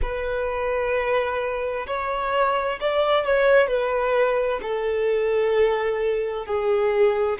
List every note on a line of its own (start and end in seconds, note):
0.02 1.86 B4
1.87 2.79 C#5
2.80 3.25 D5
3.25 3.67 C#5
3.67 4.59 B4
4.62 6.46 A4
6.46 7.38 G#4